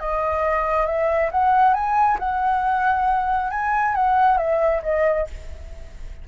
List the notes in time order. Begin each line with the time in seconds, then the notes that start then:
0.00 D#5
0.86 E5
1.31 F#5
1.74 G#5
2.19 F#5
3.51 G#5
3.95 F#5
4.38 E5
4.83 D#5